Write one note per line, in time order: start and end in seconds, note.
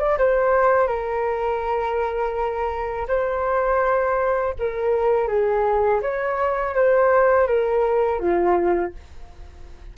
0.00 0.18 D5
0.19 0.88 C5
0.88 3.08 A#4
3.08 4.55 C5
4.59 5.28 A#4
5.28 6.02 G#4
6.02 6.75 C#5
6.75 7.48 C5
7.48 8.20 A#4
8.20 8.93 F4